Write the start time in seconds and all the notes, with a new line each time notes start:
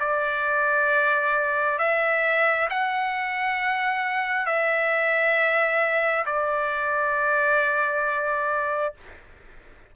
0.00 D5
1.79 E5
2.70 F#5
4.46 E5
6.26 D5